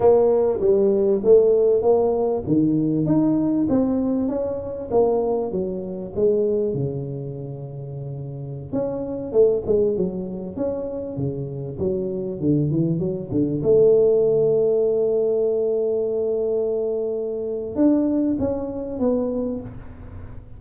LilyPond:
\new Staff \with { instrumentName = "tuba" } { \time 4/4 \tempo 4 = 98 ais4 g4 a4 ais4 | dis4 dis'4 c'4 cis'4 | ais4 fis4 gis4 cis4~ | cis2~ cis16 cis'4 a8 gis16~ |
gis16 fis4 cis'4 cis4 fis8.~ | fis16 d8 e8 fis8 d8 a4.~ a16~ | a1~ | a4 d'4 cis'4 b4 | }